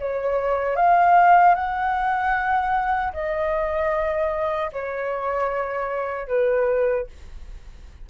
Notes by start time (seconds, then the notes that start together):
0.00 C#5
0.76 F5
1.55 F#5
3.14 D#5
4.73 C#5
6.28 B4